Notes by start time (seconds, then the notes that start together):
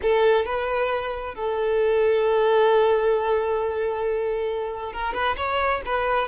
0.02 A4
0.45 B4
1.34 A4
4.93 A#4
5.13 B4
5.36 C#5
5.85 B4